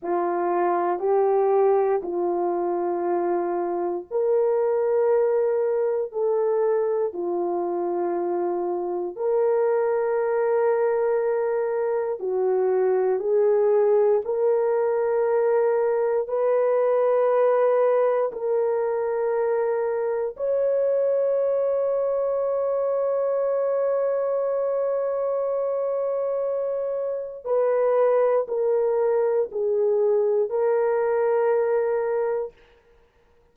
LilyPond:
\new Staff \with { instrumentName = "horn" } { \time 4/4 \tempo 4 = 59 f'4 g'4 f'2 | ais'2 a'4 f'4~ | f'4 ais'2. | fis'4 gis'4 ais'2 |
b'2 ais'2 | cis''1~ | cis''2. b'4 | ais'4 gis'4 ais'2 | }